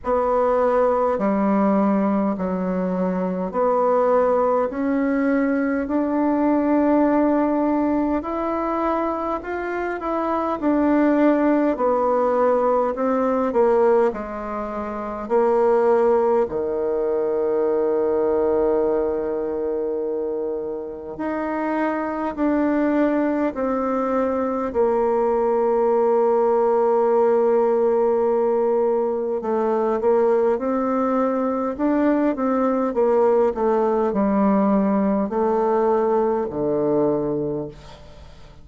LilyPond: \new Staff \with { instrumentName = "bassoon" } { \time 4/4 \tempo 4 = 51 b4 g4 fis4 b4 | cis'4 d'2 e'4 | f'8 e'8 d'4 b4 c'8 ais8 | gis4 ais4 dis2~ |
dis2 dis'4 d'4 | c'4 ais2.~ | ais4 a8 ais8 c'4 d'8 c'8 | ais8 a8 g4 a4 d4 | }